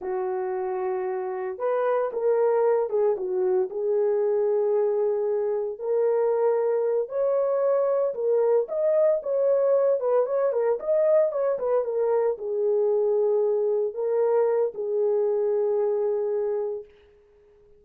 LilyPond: \new Staff \with { instrumentName = "horn" } { \time 4/4 \tempo 4 = 114 fis'2. b'4 | ais'4. gis'8 fis'4 gis'4~ | gis'2. ais'4~ | ais'4. cis''2 ais'8~ |
ais'8 dis''4 cis''4. b'8 cis''8 | ais'8 dis''4 cis''8 b'8 ais'4 gis'8~ | gis'2~ gis'8 ais'4. | gis'1 | }